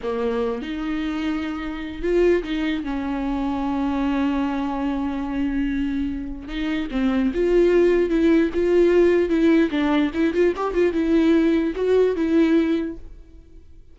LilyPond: \new Staff \with { instrumentName = "viola" } { \time 4/4 \tempo 4 = 148 ais4. dis'2~ dis'8~ | dis'4 f'4 dis'4 cis'4~ | cis'1~ | cis'1 |
dis'4 c'4 f'2 | e'4 f'2 e'4 | d'4 e'8 f'8 g'8 f'8 e'4~ | e'4 fis'4 e'2 | }